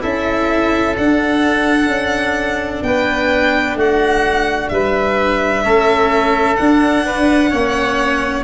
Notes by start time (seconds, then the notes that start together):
0.00 C#4 E4 A4 E5
0.97 D4 F#5
1.88 C#4
2.82 B3 B4 G5
3.75 A3 F#4 F#5
4.68 G3 B4 E5
5.63 A3 C#4 A4
6.56 D4 F#5
7.05 B4
7.50 A#3 C#4 C#5